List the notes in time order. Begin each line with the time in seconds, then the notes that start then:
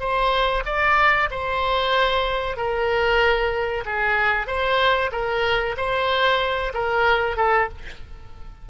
0.00 C5
0.66 D5
1.31 C5
2.57 A#4
3.86 G#4
4.47 C5
5.12 A#4
5.77 C5
6.74 A#4
7.37 A4